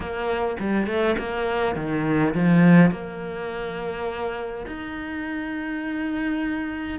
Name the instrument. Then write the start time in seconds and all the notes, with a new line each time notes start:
cello
0.00 A#3
0.59 G3
0.86 A3
1.18 A#3
1.75 D#3
2.34 F3
2.91 A#3
4.66 D#4